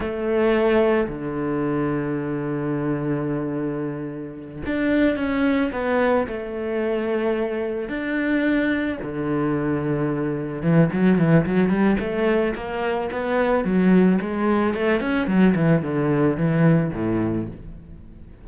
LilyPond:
\new Staff \with { instrumentName = "cello" } { \time 4/4 \tempo 4 = 110 a2 d2~ | d1~ | d8 d'4 cis'4 b4 a8~ | a2~ a8 d'4.~ |
d'8 d2. e8 | fis8 e8 fis8 g8 a4 ais4 | b4 fis4 gis4 a8 cis'8 | fis8 e8 d4 e4 a,4 | }